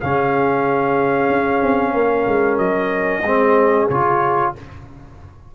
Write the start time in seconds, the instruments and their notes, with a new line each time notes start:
0.00 tuba C#3, trombone C#4, horn G#4, trumpet F5
1.29 tuba C#4
1.62 tuba C4
1.94 tuba A#3, horn A#4
2.28 tuba G#3
2.58 tuba F#3, trumpet D#5
3.23 tuba G#3, trombone C4, horn G#4
3.89 tuba C#3, trombone F4, trumpet C#5